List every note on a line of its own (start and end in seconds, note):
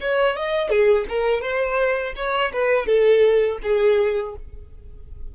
0.00 0.36 C#5
0.36 0.69 D#5
0.69 1.05 G#4
1.09 1.41 A#4
1.41 2.14 C5
2.16 2.52 C#5
2.53 2.86 B4
2.86 3.58 A4
3.62 4.35 G#4